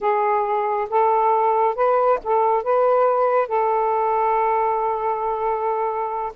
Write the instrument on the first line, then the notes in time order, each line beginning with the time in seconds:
saxophone
0.00 G#4
0.89 A4
1.75 B4
2.23 A4
2.63 B4
3.48 A4